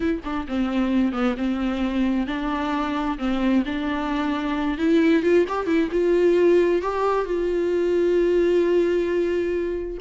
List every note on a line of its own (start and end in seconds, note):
0.00 0.21 E4
0.24 0.47 D4
0.48 1.12 C4
1.12 1.35 B3
1.37 2.26 C4
2.26 3.17 D4
3.18 3.63 C4
3.65 4.77 D4
4.77 5.22 E4
5.22 5.45 F4
5.48 5.66 G4
5.66 5.89 E4
5.91 6.82 F4
6.82 7.25 G4
7.25 9.98 F4